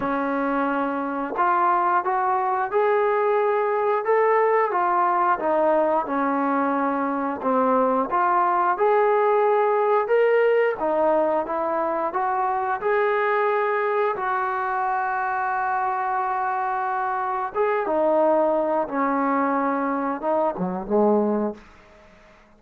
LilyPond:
\new Staff \with { instrumentName = "trombone" } { \time 4/4 \tempo 4 = 89 cis'2 f'4 fis'4 | gis'2 a'4 f'4 | dis'4 cis'2 c'4 | f'4 gis'2 ais'4 |
dis'4 e'4 fis'4 gis'4~ | gis'4 fis'2.~ | fis'2 gis'8 dis'4. | cis'2 dis'8 fis8 gis4 | }